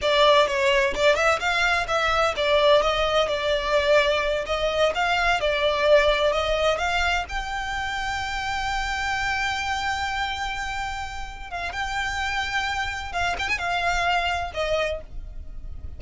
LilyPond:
\new Staff \with { instrumentName = "violin" } { \time 4/4 \tempo 4 = 128 d''4 cis''4 d''8 e''8 f''4 | e''4 d''4 dis''4 d''4~ | d''4. dis''4 f''4 d''8~ | d''4. dis''4 f''4 g''8~ |
g''1~ | g''1~ | g''8 f''8 g''2. | f''8 g''16 gis''16 f''2 dis''4 | }